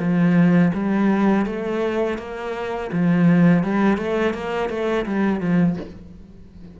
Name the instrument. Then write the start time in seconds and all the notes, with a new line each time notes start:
cello
0.00 F3
0.74 G3
1.46 A3
2.19 A#3
2.92 F3
3.64 G3
3.98 A3
4.34 A#3
4.70 A3
5.06 G3
5.41 F3